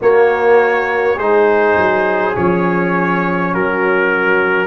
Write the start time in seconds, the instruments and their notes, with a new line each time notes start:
0.01 tuba A#3, trombone A#3, horn F#4, trumpet C#5
1.15 tuba G#3, trombone D#4, horn G#4, trumpet C5
1.77 tuba F#3
2.33 tuba F3, trombone C#4, trumpet C#5
3.52 tuba F#3, horn F#4, trumpet A#4